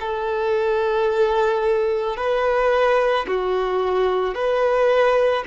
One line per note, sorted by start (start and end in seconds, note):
0.00 2.16 A4
2.16 3.25 B4
3.27 4.34 F#4
4.34 5.43 B4